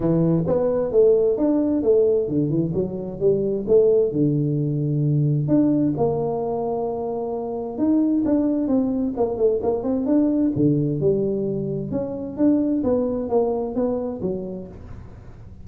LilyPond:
\new Staff \with { instrumentName = "tuba" } { \time 4/4 \tempo 4 = 131 e4 b4 a4 d'4 | a4 d8 e8 fis4 g4 | a4 d2. | d'4 ais2.~ |
ais4 dis'4 d'4 c'4 | ais8 a8 ais8 c'8 d'4 d4 | g2 cis'4 d'4 | b4 ais4 b4 fis4 | }